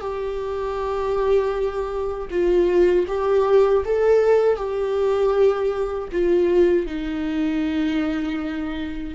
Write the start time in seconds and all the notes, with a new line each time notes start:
0.00 G4
2.30 F4
3.08 G4
3.84 A4
4.56 G4
6.12 F4
6.86 D#4